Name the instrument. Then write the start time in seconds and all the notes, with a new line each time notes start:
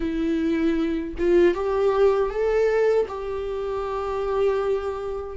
viola
0.00 E4
1.18 F4
1.54 G4
2.29 A4
3.08 G4